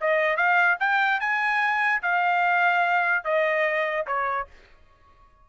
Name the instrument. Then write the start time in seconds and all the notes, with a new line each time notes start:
trumpet
0.00 D#5
0.36 F5
0.79 G5
1.20 G#5
2.02 F5
3.24 D#5
4.06 C#5